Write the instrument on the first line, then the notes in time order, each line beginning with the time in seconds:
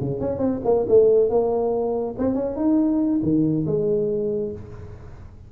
tuba
0.00 C#3
0.20 C#4
0.38 C4
0.64 A#3
0.88 A3
1.29 A#3
2.18 C4
2.34 C#4
2.56 D#4
3.22 D#3
3.66 G#3